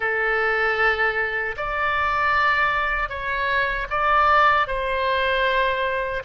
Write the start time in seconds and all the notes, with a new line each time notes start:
0.00 A4
1.57 D5
3.09 C#5
3.90 D5
4.67 C5